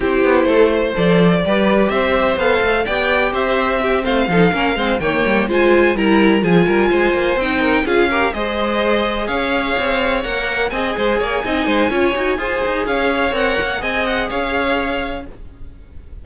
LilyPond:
<<
  \new Staff \with { instrumentName = "violin" } { \time 4/4 \tempo 4 = 126 c''2 d''2 | e''4 f''4 g''4 e''4~ | e''8 f''2 g''4 gis''8~ | gis''8 ais''4 gis''2 g''8~ |
g''8 f''4 dis''2 f''8~ | f''4. fis''4 gis''4.~ | gis''2. f''4 | fis''4 gis''8 fis''8 f''2 | }
  \new Staff \with { instrumentName = "violin" } { \time 4/4 g'4 a'8 c''4. b'4 | c''2 d''4 c''4 | g'8 c''8 a'8 ais'8 c''8 cis''4 c''8~ | c''8 ais'4 gis'8 ais'8 c''4. |
ais'8 gis'8 ais'8 c''2 cis''8~ | cis''2~ cis''8 dis''8 c''8 cis''8 | dis''8 c''8 cis''4 c''4 cis''4~ | cis''4 dis''4 cis''2 | }
  \new Staff \with { instrumentName = "viola" } { \time 4/4 e'2 a'4 g'4~ | g'4 a'4 g'2 | c'4 dis'8 cis'8 c'8 ais4 f'8~ | f'8 e'4 f'2 dis'8~ |
dis'8 f'8 g'8 gis'2~ gis'8~ | gis'4. ais'4 gis'4. | dis'4 f'8 fis'8 gis'2 | ais'4 gis'2. | }
  \new Staff \with { instrumentName = "cello" } { \time 4/4 c'8 b8 a4 f4 g4 | c'4 b8 a8 b4 c'4~ | c'8 a8 f8 ais8 gis8 dis8 g8 gis8~ | gis8 g4 f8 g8 gis8 ais8 c'8~ |
c'8 cis'4 gis2 cis'8~ | cis'8 c'4 ais4 c'8 gis8 ais8 | c'8 gis8 cis'8 dis'8 f'8 dis'8 cis'4 | c'8 ais8 c'4 cis'2 | }
>>